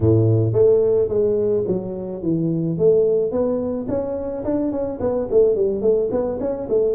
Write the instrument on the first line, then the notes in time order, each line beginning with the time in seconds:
tuba
0.00 A2
0.52 A3
1.08 G#3
1.67 F#3
2.22 E3
2.78 A3
3.31 B3
3.88 C#4
4.44 D4
4.71 C#4
5.00 B3
5.30 A3
5.55 G3
5.81 A3
6.11 B3
6.40 C#4
6.69 A3